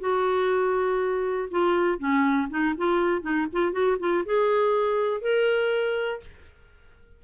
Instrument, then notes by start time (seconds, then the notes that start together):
clarinet
0.00 F#4
1.51 F4
1.98 C#4
2.50 D#4
2.77 F4
3.21 D#4
3.52 F4
3.72 F#4
3.99 F4
4.25 G#4
5.21 A#4